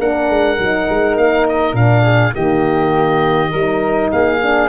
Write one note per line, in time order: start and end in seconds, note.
0.00 0.29 A#3
0.00 0.57 D4
0.00 2.03 A#4
0.00 1.18 F#5
0.29 0.59 G#3
0.57 0.88 F#3
0.57 1.74 D#4
0.90 1.18 G#3
1.18 1.74 A#3
1.18 1.47 F5
1.49 1.76 D#5
1.74 2.32 A#2
1.74 2.33 D4
1.74 2.35 F5
2.03 2.32 G#4
2.34 3.54 D#3
2.34 3.52 A#3
2.34 3.51 G4
2.34 4.12 D#5
3.51 4.12 G3
3.51 4.40 D#4
3.51 4.10 A#4
4.12 4.70 A#3
4.12 4.70 G#4
4.12 4.70 F5
4.43 4.70 D4